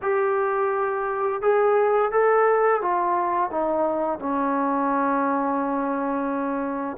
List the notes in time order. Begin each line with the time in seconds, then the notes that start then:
0.02 G4
1.41 G#4
2.11 A4
2.81 F4
3.50 D#4
4.19 C#4